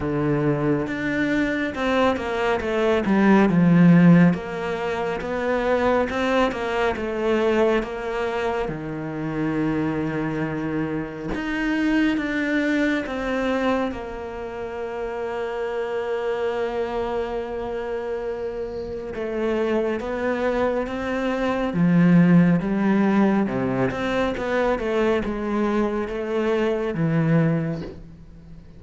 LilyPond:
\new Staff \with { instrumentName = "cello" } { \time 4/4 \tempo 4 = 69 d4 d'4 c'8 ais8 a8 g8 | f4 ais4 b4 c'8 ais8 | a4 ais4 dis2~ | dis4 dis'4 d'4 c'4 |
ais1~ | ais2 a4 b4 | c'4 f4 g4 c8 c'8 | b8 a8 gis4 a4 e4 | }